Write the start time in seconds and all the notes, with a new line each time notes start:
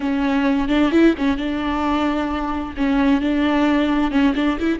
0.00 C#4
0.68 D4
0.91 E4
1.17 C#4
1.37 D4
2.76 C#4
3.21 D4
4.11 C#4
4.35 D4
4.59 E4